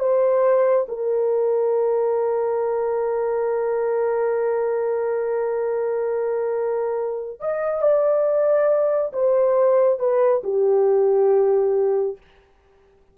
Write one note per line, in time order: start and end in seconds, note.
0.00 0.87 C5
0.89 7.40 A#4
7.40 7.82 D#5
7.82 9.12 D5
9.13 10.00 C5
10.00 10.43 B4
10.44 12.18 G4